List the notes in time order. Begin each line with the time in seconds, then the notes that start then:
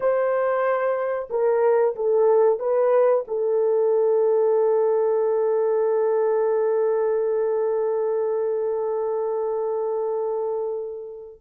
0.00 C5
1.30 A#4
1.95 A4
2.59 B4
3.27 A4